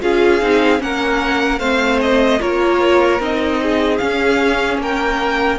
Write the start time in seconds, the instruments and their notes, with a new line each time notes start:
0.00 cello C#4, viola F4, violin G#4 F5
0.41 cello C4, viola D#4
0.78 cello A#3, viola C#4, violin A#4 F#5
1.59 cello A3, viola C4, violin C5 F5
2.01 violin D#5
2.40 cello A#3, viola F4, violin A#4 C#5
3.19 cello C4, viola D#4, violin D#5
3.62 violin G#4
3.97 viola C#4, cello C#4, violin F5
4.78 cello A#3, violin A#4 G5